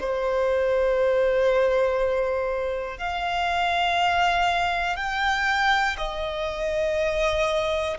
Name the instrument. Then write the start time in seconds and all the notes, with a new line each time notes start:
violin
0.00 C5
2.99 F5
4.97 G5
5.98 D#5